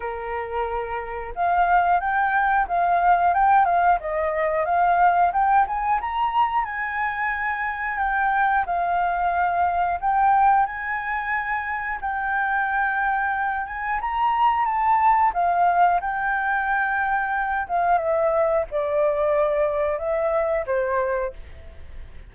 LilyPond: \new Staff \with { instrumentName = "flute" } { \time 4/4 \tempo 4 = 90 ais'2 f''4 g''4 | f''4 g''8 f''8 dis''4 f''4 | g''8 gis''8 ais''4 gis''2 | g''4 f''2 g''4 |
gis''2 g''2~ | g''8 gis''8 ais''4 a''4 f''4 | g''2~ g''8 f''8 e''4 | d''2 e''4 c''4 | }